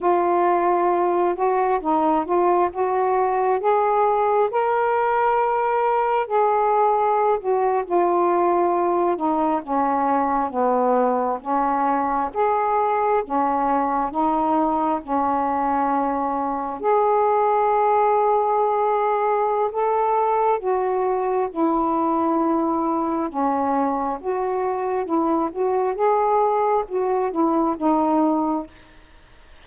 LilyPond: \new Staff \with { instrumentName = "saxophone" } { \time 4/4 \tempo 4 = 67 f'4. fis'8 dis'8 f'8 fis'4 | gis'4 ais'2 gis'4~ | gis'16 fis'8 f'4. dis'8 cis'4 b16~ | b8. cis'4 gis'4 cis'4 dis'16~ |
dis'8. cis'2 gis'4~ gis'16~ | gis'2 a'4 fis'4 | e'2 cis'4 fis'4 | e'8 fis'8 gis'4 fis'8 e'8 dis'4 | }